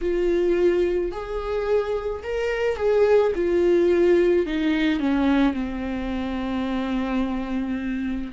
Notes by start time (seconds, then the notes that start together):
0.01 F4
1.11 G#4
2.23 A#4
2.76 G#4
3.35 F4
4.46 D#4
4.99 C#4
5.53 C4